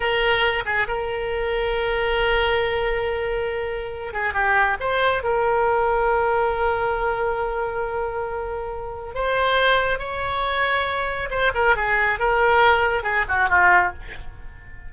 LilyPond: \new Staff \with { instrumentName = "oboe" } { \time 4/4 \tempo 4 = 138 ais'4. gis'8 ais'2~ | ais'1~ | ais'4. gis'8 g'4 c''4 | ais'1~ |
ais'1~ | ais'4 c''2 cis''4~ | cis''2 c''8 ais'8 gis'4 | ais'2 gis'8 fis'8 f'4 | }